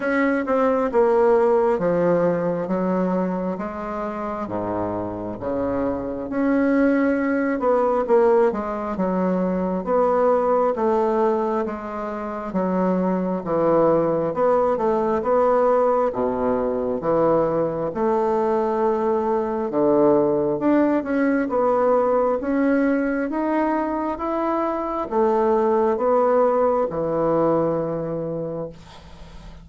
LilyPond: \new Staff \with { instrumentName = "bassoon" } { \time 4/4 \tempo 4 = 67 cis'8 c'8 ais4 f4 fis4 | gis4 gis,4 cis4 cis'4~ | cis'8 b8 ais8 gis8 fis4 b4 | a4 gis4 fis4 e4 |
b8 a8 b4 b,4 e4 | a2 d4 d'8 cis'8 | b4 cis'4 dis'4 e'4 | a4 b4 e2 | }